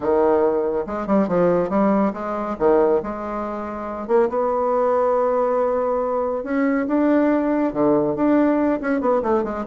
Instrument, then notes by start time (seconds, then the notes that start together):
bassoon
0.00 D#3
0.86 G#3
1.06 G3
1.28 F3
1.69 G3
2.13 G#3
2.58 D#3
3.03 G#3
4.07 A#3
4.29 B3
6.43 C#4
6.87 D4
7.73 D3
8.15 D4
8.80 C#4
9.00 B3
9.22 A3
9.43 G#3